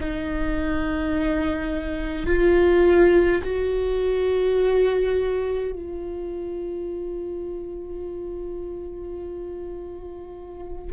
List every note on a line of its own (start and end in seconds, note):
0.00 2.26 D#4
2.26 3.41 F4
3.44 5.72 F#4
5.72 10.91 F4